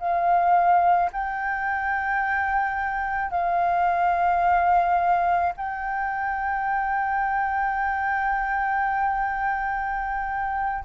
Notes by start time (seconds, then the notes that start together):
0.00 F5
1.13 G5
3.31 F5
5.57 G5